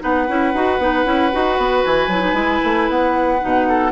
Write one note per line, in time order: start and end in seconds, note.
0.00 0.28 B3
0.00 0.26 D#4
0.00 3.68 B4
0.00 1.84 F#5
0.28 0.54 C#4
0.28 0.54 E4
0.54 0.78 D#4
0.54 0.80 F#4
0.78 1.04 B3
0.78 1.05 D#4
1.05 1.32 C#4
1.05 1.31 E4
1.32 1.58 D#4
1.32 2.10 F#4
1.58 1.84 B3
1.84 2.08 E3
1.84 2.89 G#5
2.08 2.33 F#3
2.08 2.22 E4
2.22 2.34 D#4
2.33 2.59 G#3
2.33 3.38 E4
2.64 2.89 A3
2.89 3.41 B3
2.89 3.92 F#5
3.40 3.92 B2
3.40 3.92 D#4
3.69 3.92 A4